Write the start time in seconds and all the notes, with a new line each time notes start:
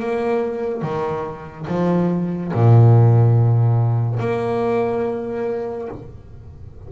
0.00 A#3
0.82 D#3
1.67 F3
2.54 A#2
4.19 A#3